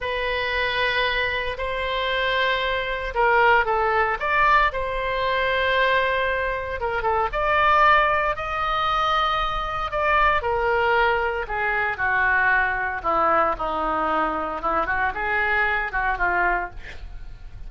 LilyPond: \new Staff \with { instrumentName = "oboe" } { \time 4/4 \tempo 4 = 115 b'2. c''4~ | c''2 ais'4 a'4 | d''4 c''2.~ | c''4 ais'8 a'8 d''2 |
dis''2. d''4 | ais'2 gis'4 fis'4~ | fis'4 e'4 dis'2 | e'8 fis'8 gis'4. fis'8 f'4 | }